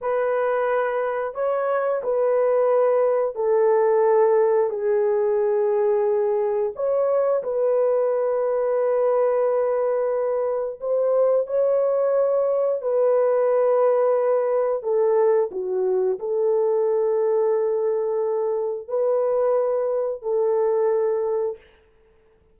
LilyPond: \new Staff \with { instrumentName = "horn" } { \time 4/4 \tempo 4 = 89 b'2 cis''4 b'4~ | b'4 a'2 gis'4~ | gis'2 cis''4 b'4~ | b'1 |
c''4 cis''2 b'4~ | b'2 a'4 fis'4 | a'1 | b'2 a'2 | }